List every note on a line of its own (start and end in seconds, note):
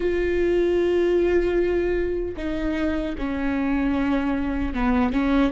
0.00 2.35 F4
2.36 3.15 D#4
3.18 4.74 C#4
4.74 5.12 B3
5.12 5.52 C#4